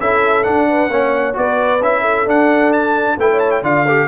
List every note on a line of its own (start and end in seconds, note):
0.00 0.45 C#4
0.00 0.44 E4
0.00 0.68 A4
0.00 0.43 E5
0.43 0.89 D4
0.43 1.34 F#5
0.69 0.91 B4
0.89 1.35 A#3
0.89 1.33 C#4
0.89 1.36 C#5
1.33 1.80 B3
1.33 1.79 F#4
1.33 2.01 B4
1.33 1.82 D5
1.80 2.26 C#4
1.80 2.26 E4
1.80 2.28 E5
2.01 3.15 A4
2.26 3.17 D4
2.26 2.72 F#5
2.72 3.18 A5
3.17 3.62 A3
3.17 3.63 E4
3.17 3.30 B4
3.17 3.39 G5
3.31 3.63 C#5
3.39 3.51 A5
3.51 3.62 G5
3.62 4.08 D3
3.62 3.86 F4
3.62 3.86 D5
3.62 4.08 F5
3.86 4.08 G4
3.86 4.08 A4